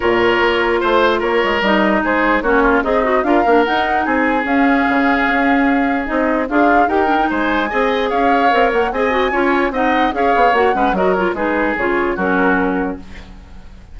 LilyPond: <<
  \new Staff \with { instrumentName = "flute" } { \time 4/4 \tempo 4 = 148 cis''2 c''4 cis''4 | dis''4 c''4 cis''4 dis''4 | f''4 fis''4 gis''4 f''4~ | f''2. dis''4 |
f''4 g''4 gis''2 | f''4. fis''8 gis''2 | fis''4 f''4 fis''4 dis''8 cis''8 | b'4 cis''4 ais'2 | }
  \new Staff \with { instrumentName = "oboe" } { \time 4/4 ais'2 c''4 ais'4~ | ais'4 gis'4 fis'8 f'8 dis'4 | ais'2 gis'2~ | gis'1 |
f'4 ais'4 c''4 dis''4 | cis''2 dis''4 cis''4 | dis''4 cis''4. b'8 ais'4 | gis'2 fis'2 | }
  \new Staff \with { instrumentName = "clarinet" } { \time 4/4 f'1 | dis'2 cis'4 gis'8 fis'8 | f'8 d'8 dis'2 cis'4~ | cis'2. dis'4 |
gis'4 g'8 d'16 dis'4~ dis'16 gis'4~ | gis'4 ais'4 gis'8 fis'8 f'4 | dis'4 gis'4 fis'8 cis'8 fis'8 f'8 | dis'4 f'4 cis'2 | }
  \new Staff \with { instrumentName = "bassoon" } { \time 4/4 ais,4 ais4 a4 ais8 gis8 | g4 gis4 ais4 c'4 | d'8 ais8 dis'4 c'4 cis'4 | cis4 cis'2 c'4 |
d'4 dis'4 gis4 c'4 | cis'4 c'8 ais8 c'4 cis'4 | c'4 cis'8 b8 ais8 gis8 fis4 | gis4 cis4 fis2 | }
>>